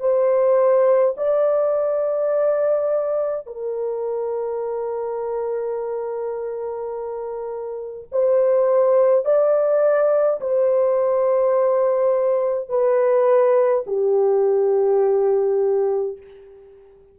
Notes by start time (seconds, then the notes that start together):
0.00 C5
1.17 D5
3.47 A#4
8.12 C5
9.25 D5
10.41 C5
12.69 B4
13.87 G4